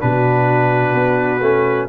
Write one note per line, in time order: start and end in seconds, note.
0.00 0.94 B2
0.00 1.41 D4
0.00 1.89 F#4
0.00 1.88 B4
0.94 1.41 B3
1.41 1.88 A3
1.41 1.89 C#4